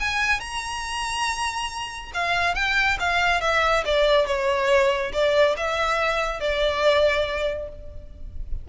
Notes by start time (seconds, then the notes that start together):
0.00 G#5
0.40 A#5
2.14 F5
2.55 G5
2.99 F5
3.41 E5
3.85 D5
4.26 C#5
5.13 D5
5.57 E5
6.40 D5